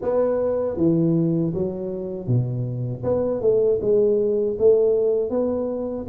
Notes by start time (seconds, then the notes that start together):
0.01 B3
0.76 E3
1.53 F#3
2.27 B2
3.03 B3
3.41 A3
3.81 G#3
4.58 A3
5.30 B3